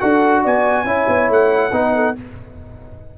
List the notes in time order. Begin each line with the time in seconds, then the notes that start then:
0.00 D4 F#4 A4 F#5
0.42 B3 D5 G#5
0.84 C#4 E4 C#5
1.08 B3
1.29 A3 F#5
1.72 B3 D#4 B4
1.95 A4